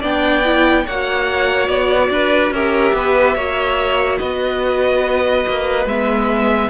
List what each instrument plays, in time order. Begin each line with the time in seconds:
0.00 cello B3, viola D4, violin D5 G5
0.44 viola E4
0.86 cello A#3, viola F#4, violin C#5 F#5
1.68 cello B3, violin D5
2.10 cello D4, violin B4
2.51 cello C#4, viola G4, violin A#4 E5
2.93 cello B3, violin B4
3.35 cello A#3, viola F#4, violin C#5
4.19 cello B3, violin B4 D#5
5.48 cello A#3
5.86 cello G#3, viola B3, violin E5